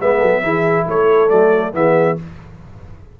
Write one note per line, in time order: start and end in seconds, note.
0.00 0.22 G#3
0.00 0.43 B3
0.00 0.19 B4
0.00 0.88 E5
0.19 0.43 F#3
0.19 0.41 A4
0.43 0.86 E3
0.43 1.29 E4
0.43 0.86 G#4
0.86 1.31 A3
0.86 1.72 A4
0.86 1.30 C#5
1.29 1.74 F#3
1.29 1.73 A3
1.29 1.73 D5
1.73 2.18 E3
1.73 2.16 B3
1.73 2.20 G#4
1.73 2.19 E5